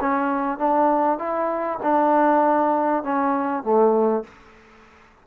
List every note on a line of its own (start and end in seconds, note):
0.00 0.58 C#4
0.58 1.18 D4
1.18 1.79 E4
1.83 3.03 D4
3.03 3.63 C#4
3.63 4.24 A3